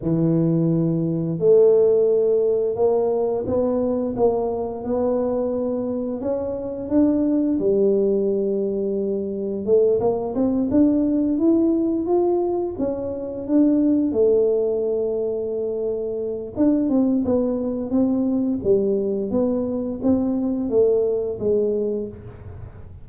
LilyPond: \new Staff \with { instrumentName = "tuba" } { \time 4/4 \tempo 4 = 87 e2 a2 | ais4 b4 ais4 b4~ | b4 cis'4 d'4 g4~ | g2 a8 ais8 c'8 d'8~ |
d'8 e'4 f'4 cis'4 d'8~ | d'8 a2.~ a8 | d'8 c'8 b4 c'4 g4 | b4 c'4 a4 gis4 | }